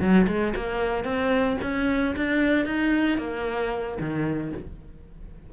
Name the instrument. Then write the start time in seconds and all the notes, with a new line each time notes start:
cello
0.00 F#3
0.28 G#3
0.56 A#3
1.04 C4
1.62 C#4
2.16 D4
2.65 D#4
3.18 A#3
4.00 D#3